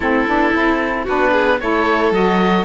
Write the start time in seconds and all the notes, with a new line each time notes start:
0.00 A3 C4 E4 A4
0.27 B3 D4
0.53 C4 E4
1.04 B3 D4 F#4 B4
1.32 G#4
1.60 A3 E4 A4 C#5
2.11 F#3 F#4 D#5